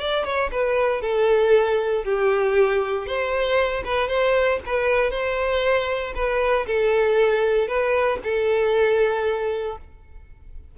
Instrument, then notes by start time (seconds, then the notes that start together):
violin
0.00 D5
0.24 C#5
0.51 B4
1.01 A4
2.04 G4
3.06 C5
3.85 B4
4.08 C5
4.65 B4
5.10 C5
6.15 B4
6.66 A4
7.68 B4
8.24 A4